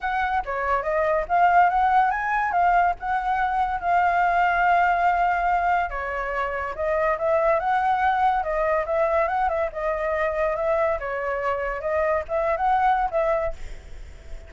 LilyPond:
\new Staff \with { instrumentName = "flute" } { \time 4/4 \tempo 4 = 142 fis''4 cis''4 dis''4 f''4 | fis''4 gis''4 f''4 fis''4~ | fis''4 f''2.~ | f''2 cis''2 |
dis''4 e''4 fis''2 | dis''4 e''4 fis''8 e''8 dis''4~ | dis''4 e''4 cis''2 | dis''4 e''8. fis''4~ fis''16 e''4 | }